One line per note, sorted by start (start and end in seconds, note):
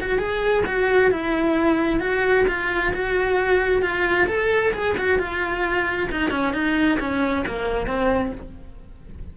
0.00 0.18 F#4
0.18 0.63 G#4
0.66 1.11 F#4
1.11 2.00 E4
2.00 2.45 F#4
2.47 2.92 F4
2.93 3.81 F#4
3.81 4.27 F4
4.27 4.72 A4
4.73 4.95 G#4
4.97 5.18 F#4
5.18 6.08 F4
6.11 6.30 D#4
6.30 6.53 C#4
6.53 6.98 D#4
6.99 7.44 C#4
7.46 7.86 A#3
7.86 8.32 C4